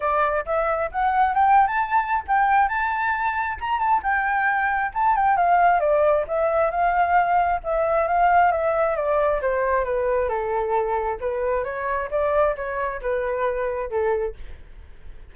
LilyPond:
\new Staff \with { instrumentName = "flute" } { \time 4/4 \tempo 4 = 134 d''4 e''4 fis''4 g''8. a''16~ | a''4 g''4 a''2 | ais''8 a''8 g''2 a''8 g''8 | f''4 d''4 e''4 f''4~ |
f''4 e''4 f''4 e''4 | d''4 c''4 b'4 a'4~ | a'4 b'4 cis''4 d''4 | cis''4 b'2 a'4 | }